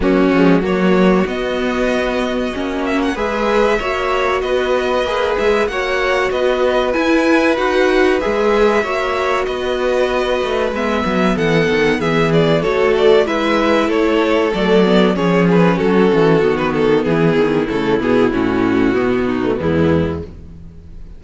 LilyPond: <<
  \new Staff \with { instrumentName = "violin" } { \time 4/4 \tempo 4 = 95 fis'4 cis''4 dis''2~ | dis''8 e''16 fis''16 e''2 dis''4~ | dis''8 e''8 fis''4 dis''4 gis''4 | fis''4 e''2 dis''4~ |
dis''4 e''4 fis''4 e''8 d''8 | cis''8 d''8 e''4 cis''4 d''4 | cis''8 b'8 a'4~ a'16 b'16 a'8 gis'4 | a'8 gis'8 fis'2 e'4 | }
  \new Staff \with { instrumentName = "violin" } { \time 4/4 cis'4 fis'2.~ | fis'4 b'4 cis''4 b'4~ | b'4 cis''4 b'2~ | b'2 cis''4 b'4~ |
b'2 a'4 gis'4 | a'4 b'4 a'2 | gis'4 fis'2 e'4~ | e'2~ e'8 dis'8 b4 | }
  \new Staff \with { instrumentName = "viola" } { \time 4/4 ais8 gis8 ais4 b2 | cis'4 gis'4 fis'2 | gis'4 fis'2 e'4 | fis'4 gis'4 fis'2~ |
fis'4 b2. | fis'4 e'2 a8 b8 | cis'2 b2 | a8 b8 cis'4 b8. a16 gis4 | }
  \new Staff \with { instrumentName = "cello" } { \time 4/4 fis8 f8 fis4 b2 | ais4 gis4 ais4 b4 | ais8 gis8 ais4 b4 e'4 | dis'4 gis4 ais4 b4~ |
b8 a8 gis8 fis8 e8 dis8 e4 | a4 gis4 a4 fis4 | f4 fis8 e8 dis4 e8 dis8 | cis8 b,8 a,4 b,4 e,4 | }
>>